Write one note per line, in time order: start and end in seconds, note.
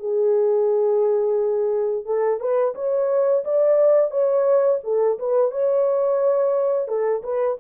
0.00 2.06 G#4
2.06 2.40 A4
2.40 2.75 B4
2.76 3.45 C#5
3.45 4.11 D5
4.11 4.80 C#5
4.84 5.19 A4
5.19 5.51 B4
5.51 6.88 C#5
6.88 7.23 A4
7.24 7.58 B4